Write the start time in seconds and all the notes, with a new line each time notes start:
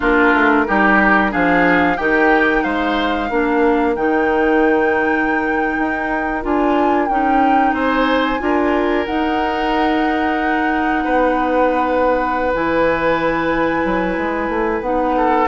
0.00 A#3 D4 F4 A#4
0.33 A3
0.66 G3 D#4 G4
1.30 F3 D4 G#4 F5
1.97 D#3 D#4 G4 G5
2.63 G#3 C5 F5
3.29 A#3 D4 A#4
3.95 D#3 D#4 G5
5.78 D#4
6.42 D4 F4 G#5
7.08 C#4 D#4 G5
7.72 C4 C5 G#5
8.39 D4 F4 A#4
9.05 D#4 F#5
11.04 B3 B4
12.54 E3 E4 G#5
13.84 F#3
14.17 G#3
14.48 A3
14.80 B3 D#4 F#5
15.17 A4